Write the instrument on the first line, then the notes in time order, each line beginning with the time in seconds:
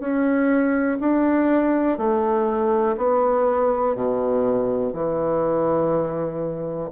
bassoon
0.00 C#4
1.01 D4
1.98 A3
2.97 B3
3.96 B2
4.94 E3